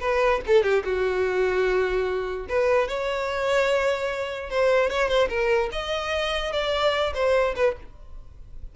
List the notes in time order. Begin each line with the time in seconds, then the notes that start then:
0.00 B4
0.46 A4
0.63 G4
0.84 F#4
2.49 B4
2.87 C#5
4.50 C5
4.90 C#5
5.08 C5
5.29 A#4
5.72 D#5
6.52 D5
7.14 C5
7.55 B4